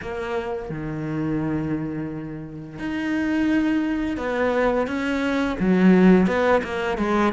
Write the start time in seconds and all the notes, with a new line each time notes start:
0.02 A#3
0.69 D#3
2.78 D#4
4.17 B3
4.87 C#4
5.59 F#3
6.26 B3
6.63 A#3
6.97 G#3